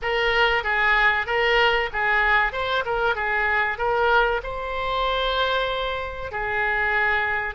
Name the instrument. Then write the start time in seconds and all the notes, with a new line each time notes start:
oboe
0.02 A#4
0.63 G#4
1.26 A#4
1.92 G#4
2.52 C5
2.84 A#4
3.15 G#4
3.78 A#4
4.43 C5
6.31 G#4